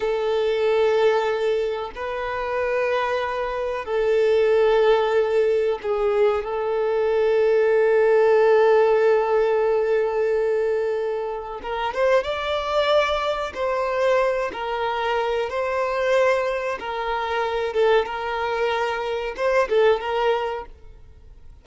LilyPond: \new Staff \with { instrumentName = "violin" } { \time 4/4 \tempo 4 = 93 a'2. b'4~ | b'2 a'2~ | a'4 gis'4 a'2~ | a'1~ |
a'2 ais'8 c''8 d''4~ | d''4 c''4. ais'4. | c''2 ais'4. a'8 | ais'2 c''8 a'8 ais'4 | }